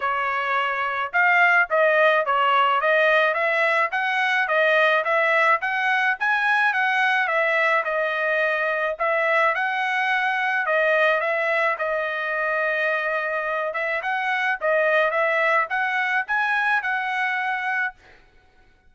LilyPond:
\new Staff \with { instrumentName = "trumpet" } { \time 4/4 \tempo 4 = 107 cis''2 f''4 dis''4 | cis''4 dis''4 e''4 fis''4 | dis''4 e''4 fis''4 gis''4 | fis''4 e''4 dis''2 |
e''4 fis''2 dis''4 | e''4 dis''2.~ | dis''8 e''8 fis''4 dis''4 e''4 | fis''4 gis''4 fis''2 | }